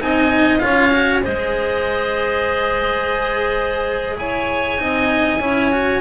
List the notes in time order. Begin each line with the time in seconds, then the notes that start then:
0.00 C4 D#4 D#5 G#5
0.59 C#4 F4 C#5 F5
0.92 F#4
1.23 G#3 G#4 C5 D#5
4.18 E4 C#5 G#5
4.78 C4 D#4 D#5
5.41 C#4 E4 C#5
5.72 F#4